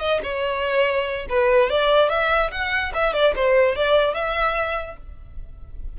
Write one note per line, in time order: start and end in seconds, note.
0.00 0.21 D#5
0.24 1.27 C#5
1.30 1.70 B4
1.70 2.10 D5
2.10 2.51 E5
2.51 2.93 F#5
2.94 3.14 E5
3.14 3.34 D5
3.36 3.76 C5
3.76 4.14 D5
4.14 4.97 E5